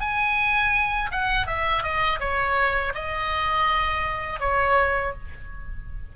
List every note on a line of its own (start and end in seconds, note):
0.00 1.10 G#5
1.11 1.46 F#5
1.46 1.83 E5
1.83 2.19 D#5
2.20 2.93 C#5
2.94 4.40 D#5
4.40 5.13 C#5